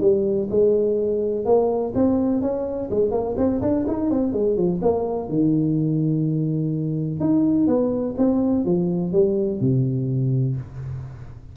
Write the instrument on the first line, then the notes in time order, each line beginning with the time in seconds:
tuba
0.00 G3
0.50 G#3
1.45 A#3
1.94 C4
2.41 C#4
2.90 G#3
3.11 A#3
3.37 C4
3.61 D4
3.87 D#4
4.10 C4
4.32 G#3
4.56 F3
4.81 A#3
5.28 D#3
7.20 D#4
7.67 B3
8.17 C4
8.65 F3
9.12 G3
9.60 C3